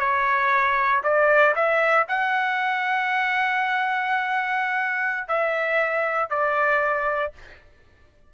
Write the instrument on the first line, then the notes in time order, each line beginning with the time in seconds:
trumpet
0.00 C#5
1.04 D5
1.56 E5
2.09 F#5
5.28 E5
6.30 D5